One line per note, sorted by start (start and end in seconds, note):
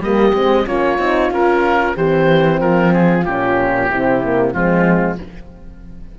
0.00 0.32 G3
0.00 0.33 A#3
0.00 0.67 G4
0.00 0.67 D#5
0.33 0.66 G#3
0.33 0.66 C4
0.66 0.99 A#3
0.66 0.98 C#4
0.66 1.96 F4
0.66 1.32 C#5
0.99 1.31 C4
0.99 1.32 D#4
1.31 1.95 C#4
1.31 1.96 F4
1.31 1.97 A#4
1.96 2.61 E3
1.96 3.26 C4
1.96 2.60 G4
1.96 2.60 C5
2.60 3.25 F3
2.60 3.90 F4
2.60 2.93 A#4
2.94 3.25 G#4
3.25 3.90 A#2
3.25 3.91 C#4
3.25 4.53 G4
3.91 4.54 C3
3.91 4.23 C4
3.91 4.54 E4
4.23 4.54 A#3
4.53 5.19 F3
4.53 5.19 G#3
4.53 5.19 C4
4.53 5.18 F4